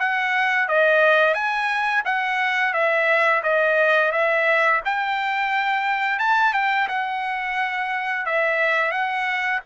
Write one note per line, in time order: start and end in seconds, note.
0.00 0.69 F#5
0.69 1.34 D#5
1.34 2.03 G#5
2.05 2.74 F#5
2.74 3.43 E5
3.43 4.12 D#5
4.12 4.81 E5
4.85 6.19 G5
6.19 6.54 A5
6.54 6.88 G5
6.88 8.26 F#5
8.26 8.92 E5
8.92 9.61 F#5